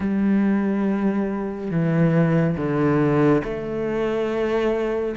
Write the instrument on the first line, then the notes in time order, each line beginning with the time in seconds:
cello
0.00 G3
1.70 E3
2.56 D3
3.44 A3